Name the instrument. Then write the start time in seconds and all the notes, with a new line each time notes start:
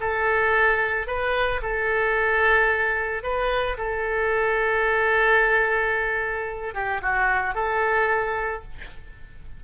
oboe
0.00 A4
1.07 B4
1.62 A4
3.23 B4
3.77 A4
6.74 G4
7.02 F#4
7.55 A4